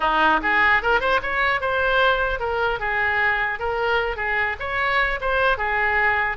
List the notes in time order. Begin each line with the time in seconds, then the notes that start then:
0.00 D#4
0.42 G#4
0.82 A#4
1.00 C5
1.22 C#5
1.61 C5
2.39 A#4
2.79 G#4
3.59 A#4
4.16 G#4
4.59 C#5
5.21 C5
5.57 G#4